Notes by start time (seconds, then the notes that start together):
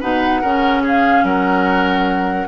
0.00 B2 D#4 B4 F#5
0.42 C#3 C#4 A#4
0.84 G#4 F5
1.23 F#3 A#4 F#5